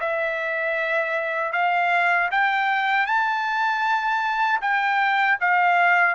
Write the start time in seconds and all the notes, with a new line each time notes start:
0.00 E5
1.52 F5
2.32 G5
3.07 A5
4.62 G5
5.41 F5